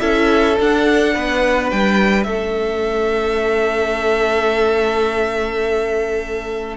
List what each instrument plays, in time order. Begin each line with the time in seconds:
0.00 cello C#4, viola E4, violin A4 E5
0.57 viola D4, cello D4, violin F#5
1.14 cello B3, violin B4
1.71 cello G3, violin G5
2.24 cello A3, viola C#4, violin A4 E5